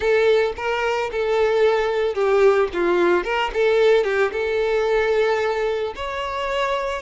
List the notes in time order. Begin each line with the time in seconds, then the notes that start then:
0.00 A4
0.56 A#4
1.11 A4
2.14 G4
2.73 F4
3.23 A#4
3.53 A4
4.04 G4
4.31 A4
5.95 C#5